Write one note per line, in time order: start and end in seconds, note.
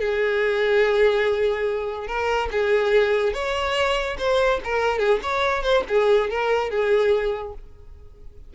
0.00 2.07 G#4
2.07 2.49 A#4
2.51 3.33 G#4
3.33 4.17 C#5
4.18 4.60 C5
4.64 4.99 A#4
4.99 5.20 G#4
5.23 5.63 C#5
5.63 5.84 C5
5.88 6.30 G#4
6.30 6.70 A#4
6.70 7.54 G#4